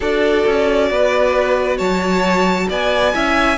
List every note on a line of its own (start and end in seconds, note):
0.00 0.45 D4
0.00 3.13 F#4
0.00 0.89 A4
0.00 1.78 D5
0.46 0.90 C#4
0.90 1.79 B3
0.90 1.77 B4
1.77 2.69 F#3
1.77 2.66 C#5
1.77 2.68 A5
2.69 3.14 B3
2.69 3.13 D5
2.69 3.57 G#5
3.13 3.57 C#4
3.13 3.57 E4
3.13 3.57 E5